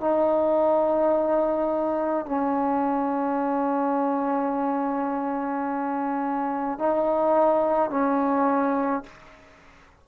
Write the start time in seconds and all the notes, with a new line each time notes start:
0.00 D#4
2.25 C#4
6.78 D#4
7.90 C#4